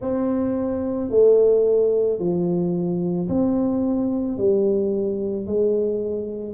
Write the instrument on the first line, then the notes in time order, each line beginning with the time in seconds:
tuba
0.00 C4
1.10 A3
2.19 F3
3.28 C4
4.37 G3
5.46 G#3